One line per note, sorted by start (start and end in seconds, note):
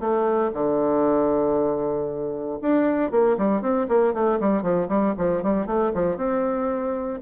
0.00 0.51 A3
0.54 2.59 D3
2.62 3.11 D4
3.11 3.37 A#3
3.38 3.62 G3
3.62 3.87 C4
3.88 4.14 A#3
4.14 4.39 A3
4.40 4.62 G3
4.62 4.88 F3
4.89 5.14 G3
5.17 5.43 F3
5.43 5.66 G3
5.66 5.92 A3
5.94 6.17 F3
6.17 7.20 C4